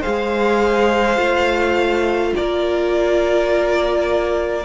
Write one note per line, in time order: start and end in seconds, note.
0.00 1.17 G#3
0.00 1.16 G#4
0.00 2.31 C5
0.00 2.33 F5
1.16 2.33 A3
1.16 4.62 F4
2.35 4.64 A#3
2.35 4.64 A#4
2.35 4.64 D5